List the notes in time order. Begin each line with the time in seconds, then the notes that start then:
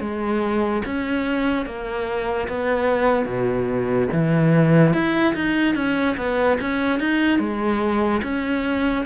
0.00 G#3
0.85 C#4
1.66 A#3
2.48 B3
3.25 B2
4.12 E3
4.93 E4
5.34 D#4
5.75 C#4
6.17 B3
6.61 C#4
7.00 D#4
7.39 G#3
8.23 C#4